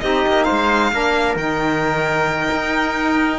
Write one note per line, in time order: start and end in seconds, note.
0.00 0.26 C4
0.00 0.92 D#4
0.00 0.45 G4
0.00 0.44 D#5
0.27 0.50 A#3
0.44 0.91 C5
0.44 1.35 F5
0.50 0.92 G#3
0.92 1.35 A#3
0.92 1.37 D4
0.92 3.39 A#4
1.35 2.49 D#3
1.35 3.39 D#4
1.35 3.39 G5
2.51 3.39 D#4